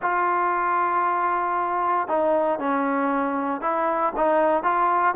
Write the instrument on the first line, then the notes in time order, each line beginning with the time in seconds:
trombone
0.01 F4
2.08 D#4
2.59 C#4
3.61 E4
4.16 D#4
4.63 F4